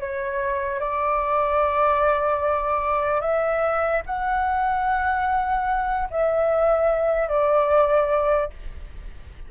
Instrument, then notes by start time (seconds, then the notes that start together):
flute
0.00 C#5
0.80 D5
3.21 E5
4.07 F#5
6.11 E5
7.29 D5